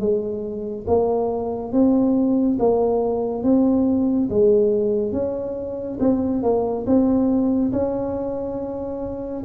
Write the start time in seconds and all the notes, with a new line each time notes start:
0.00 G#3
0.88 A#3
1.73 C4
2.59 A#3
3.44 C4
4.30 G#3
5.13 C#4
6.00 C4
6.43 A#3
6.86 C4
7.73 C#4